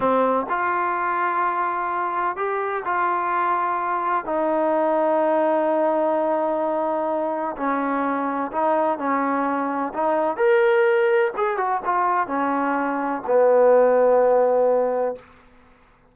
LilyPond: \new Staff \with { instrumentName = "trombone" } { \time 4/4 \tempo 4 = 127 c'4 f'2.~ | f'4 g'4 f'2~ | f'4 dis'2.~ | dis'1 |
cis'2 dis'4 cis'4~ | cis'4 dis'4 ais'2 | gis'8 fis'8 f'4 cis'2 | b1 | }